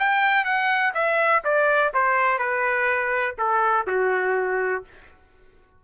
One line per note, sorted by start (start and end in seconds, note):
0.00 0.45 G5
0.45 0.93 F#5
0.95 1.43 E5
1.45 1.93 D5
1.94 2.39 C5
2.39 3.36 B4
3.39 3.87 A4
3.88 4.84 F#4